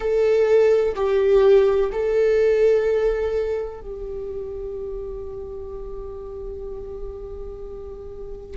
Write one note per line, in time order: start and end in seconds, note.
0.00 0.94 A4
0.95 1.90 G4
1.91 3.81 A4
3.81 8.57 G4